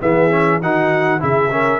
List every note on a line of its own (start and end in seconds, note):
0.00 0.60 E3
0.00 0.30 B3
0.00 0.60 G#4
0.00 0.61 E5
0.30 0.60 C#4
0.60 1.21 D#3
0.60 1.19 D#4
0.60 1.20 F#4
0.60 1.22 F#5
1.19 1.79 C#3
1.19 1.49 E4
1.19 1.51 G#4
1.19 1.79 E5
1.50 1.79 C#4
1.50 1.79 A#4